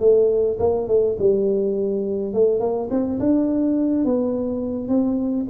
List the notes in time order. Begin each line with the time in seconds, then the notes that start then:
0.00 A3
0.60 A#3
0.88 A3
1.19 G3
2.34 A3
2.60 A#3
2.91 C4
3.20 D4
4.05 B3
4.89 C4